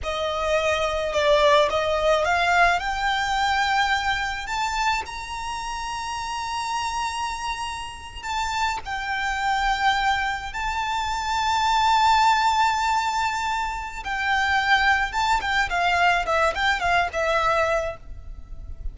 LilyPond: \new Staff \with { instrumentName = "violin" } { \time 4/4 \tempo 4 = 107 dis''2 d''4 dis''4 | f''4 g''2. | a''4 ais''2.~ | ais''2~ ais''8. a''4 g''16~ |
g''2~ g''8. a''4~ a''16~ | a''1~ | a''4 g''2 a''8 g''8 | f''4 e''8 g''8 f''8 e''4. | }